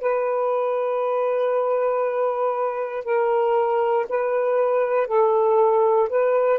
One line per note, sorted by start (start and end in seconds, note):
0.00 3.04 B4
3.04 4.06 A#4
4.09 5.07 B4
5.07 6.09 A4
6.09 6.59 B4